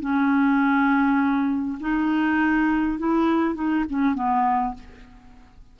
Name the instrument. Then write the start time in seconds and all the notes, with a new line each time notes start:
clarinet
0.00 C#4
1.80 D#4
2.98 E4
3.54 D#4
3.89 C#4
4.14 B3